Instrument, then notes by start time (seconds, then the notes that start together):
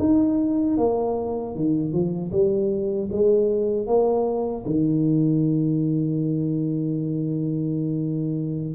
tuba
0.00 D#4
0.78 A#3
1.56 D#3
1.93 F3
2.32 G3
3.12 G#3
3.87 A#3
4.66 D#3